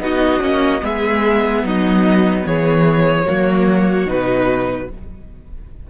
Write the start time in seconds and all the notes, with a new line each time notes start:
0.00 B3 D#4 F#4 D#5
0.40 A#3 C#4
0.81 G#3 B3 G#4 E5
1.64 F#3 D#4 D#5
2.46 E3 G#4 C#5
3.26 F#3 A#3 F#4
4.07 B2 D#4 B4